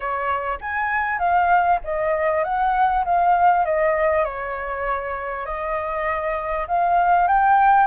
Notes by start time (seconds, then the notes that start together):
0.00 C#5
0.60 G#5
1.18 F5
1.84 D#5
2.44 F#5
3.04 F5
3.65 D#5
4.24 C#5
5.45 D#5
6.67 F5
7.27 G5